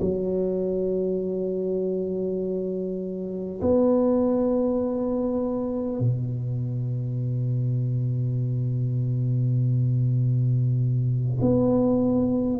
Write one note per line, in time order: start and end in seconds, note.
0.00 3.60 F#3
3.61 5.99 B3
5.99 11.39 B2
11.41 12.59 B3